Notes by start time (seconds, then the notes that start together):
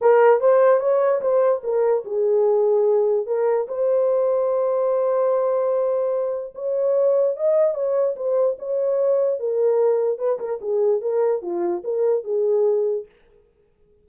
0.01 A#4
0.40 C5
0.80 C#5
1.21 C5
1.63 A#4
2.04 G#4
3.26 A#4
3.68 C5
6.55 C#5
7.36 D#5
7.74 C#5
8.16 C5
8.58 C#5
9.39 A#4
10.18 B4
10.39 A#4
10.61 G#4
11.01 A#4
11.42 F4
11.84 A#4
12.23 G#4